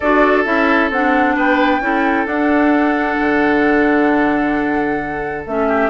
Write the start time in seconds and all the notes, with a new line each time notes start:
0.00 D4 F#4 A4 D5
0.44 C#4 E4 E5
0.90 C4 D4 F#5
1.35 B3 B4 G5
1.80 C#4 E4 A4
2.26 D4 F#5
3.20 D3
5.46 A3 C#4 E5
5.68 G4